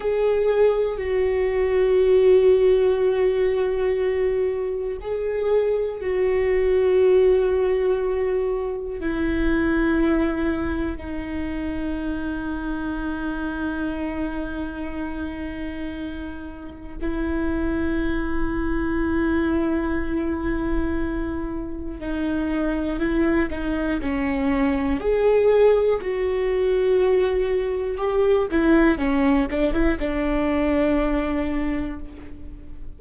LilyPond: \new Staff \with { instrumentName = "viola" } { \time 4/4 \tempo 4 = 60 gis'4 fis'2.~ | fis'4 gis'4 fis'2~ | fis'4 e'2 dis'4~ | dis'1~ |
dis'4 e'2.~ | e'2 dis'4 e'8 dis'8 | cis'4 gis'4 fis'2 | g'8 e'8 cis'8 d'16 e'16 d'2 | }